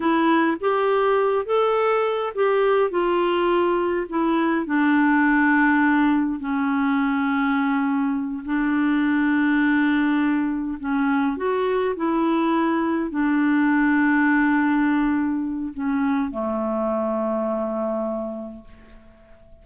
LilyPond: \new Staff \with { instrumentName = "clarinet" } { \time 4/4 \tempo 4 = 103 e'4 g'4. a'4. | g'4 f'2 e'4 | d'2. cis'4~ | cis'2~ cis'8 d'4.~ |
d'2~ d'8 cis'4 fis'8~ | fis'8 e'2 d'4.~ | d'2. cis'4 | a1 | }